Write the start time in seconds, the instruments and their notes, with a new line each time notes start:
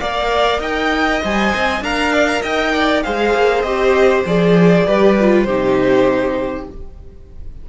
0.00 cello A#3, viola A#4, violin D5 F5
0.59 cello D#4, violin D#5 G5
1.22 cello G3, viola C5, violin G#5
1.55 cello C4
1.81 cello D4, viola A#4, violin F5 A#5
2.13 violin D5
2.27 violin A#5
2.41 cello D#4, violin D#5 G5
2.73 violin D5
3.03 cello G#3, viola G#4, violin C5 F5
3.35 cello A#3
3.62 cello C4, viola G4, violin D#5
4.26 cello F3, viola G#4, violin D5
4.87 cello G3, viola G4, violin B4
5.21 viola F4
5.43 cello C3, viola D#4, violin G4 C5